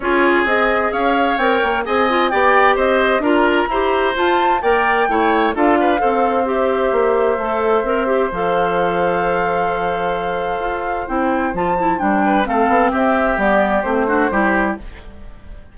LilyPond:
<<
  \new Staff \with { instrumentName = "flute" } { \time 4/4 \tempo 4 = 130 cis''4 dis''4 f''4 g''4 | gis''4 g''4 dis''4 ais''4~ | ais''4 a''4 g''2 | f''2 e''2~ |
e''2 f''2~ | f''1 | g''4 a''4 g''4 f''4 | e''4 d''4 c''2 | }
  \new Staff \with { instrumentName = "oboe" } { \time 4/4 gis'2 cis''2 | dis''4 d''4 c''4 ais'4 | c''2 d''4 cis''4 | a'8 b'8 c''2.~ |
c''1~ | c''1~ | c''2~ c''8 b'8 a'4 | g'2~ g'8 fis'8 g'4 | }
  \new Staff \with { instrumentName = "clarinet" } { \time 4/4 f'4 gis'2 ais'4 | gis'8 f'8 g'2 f'4 | g'4 f'4 ais'4 e'4 | f'4 a'4 g'2 |
a'4 ais'8 g'8 a'2~ | a'1 | e'4 f'8 e'8 d'4 c'4~ | c'4 b4 c'8 d'8 e'4 | }
  \new Staff \with { instrumentName = "bassoon" } { \time 4/4 cis'4 c'4 cis'4 c'8 ais8 | c'4 b4 c'4 d'4 | e'4 f'4 ais4 a4 | d'4 c'2 ais4 |
a4 c'4 f2~ | f2. f'4 | c'4 f4 g4 a8 b8 | c'4 g4 a4 g4 | }
>>